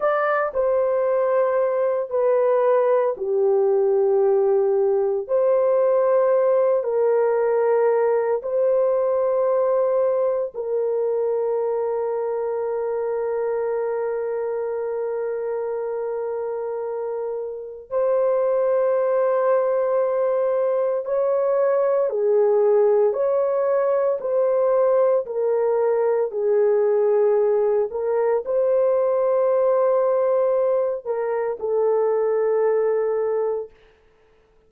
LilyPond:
\new Staff \with { instrumentName = "horn" } { \time 4/4 \tempo 4 = 57 d''8 c''4. b'4 g'4~ | g'4 c''4. ais'4. | c''2 ais'2~ | ais'1~ |
ais'4 c''2. | cis''4 gis'4 cis''4 c''4 | ais'4 gis'4. ais'8 c''4~ | c''4. ais'8 a'2 | }